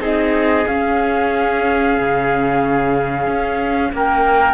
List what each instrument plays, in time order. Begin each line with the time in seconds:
0.00 cello C4, viola D#4, trumpet G#4, flute D#5
0.68 viola C#4, cello C#4, flute F5
1.99 cello C#3
3.27 cello C#4
3.93 cello A#3, trumpet A#4, flute G5